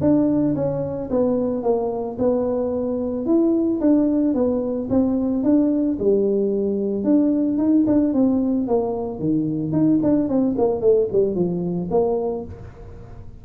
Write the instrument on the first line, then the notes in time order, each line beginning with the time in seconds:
tuba
0.00 D4
0.55 C#4
1.10 B3
1.62 A#3
2.18 B3
3.26 E4
3.80 D4
4.34 B3
4.89 C4
5.43 D4
5.99 G3
7.03 D4
7.57 D#4
7.86 D4
8.13 C4
8.67 A#3
9.19 D#3
9.72 D#4
10.02 D4
10.28 C4
10.57 A#3
10.81 A3
11.12 G3
11.34 F3
11.90 A#3